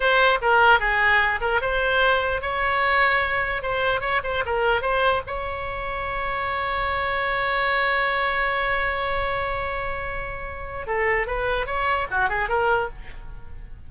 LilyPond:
\new Staff \with { instrumentName = "oboe" } { \time 4/4 \tempo 4 = 149 c''4 ais'4 gis'4. ais'8 | c''2 cis''2~ | cis''4 c''4 cis''8 c''8 ais'4 | c''4 cis''2.~ |
cis''1~ | cis''1~ | cis''2. a'4 | b'4 cis''4 fis'8 gis'8 ais'4 | }